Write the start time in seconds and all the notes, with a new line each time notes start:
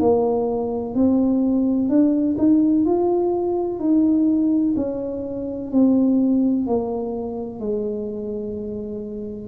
0.00 A#3
0.94 C4
1.89 D4
2.38 D#4
2.85 F4
3.80 D#4
4.76 C#4
5.71 C4
6.66 A#3
7.60 G#3